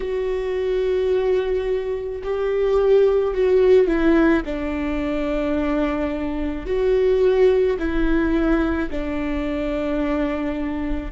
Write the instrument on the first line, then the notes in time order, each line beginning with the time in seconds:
viola
0.00 F#4
2.23 G4
3.33 F#4
3.87 E4
4.44 D4
6.66 F#4
7.78 E4
8.90 D4